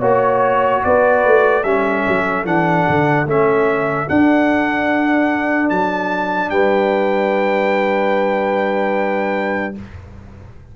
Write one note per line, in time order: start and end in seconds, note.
0.00 0.83 A#3
0.00 1.64 F#4
0.00 0.81 C#5
0.00 0.84 C#5
0.84 1.25 B3
0.84 1.67 B4
0.84 1.64 D5
1.25 1.64 A3
1.64 2.05 G3
1.64 2.46 C#4
1.64 6.52 A4
1.64 2.45 E5
2.07 2.45 F#3
2.45 2.85 E3
2.45 3.27 D4
2.45 3.28 F#5
2.89 3.26 D3
3.26 4.07 A3
3.26 4.08 C#4
3.26 4.09 E5
4.08 9.75 D4
4.08 5.71 D4
4.08 5.70 F#5
5.70 6.51 F#3
5.70 6.50 A5
6.50 9.75 G3
6.50 9.76 B4
6.50 9.74 G5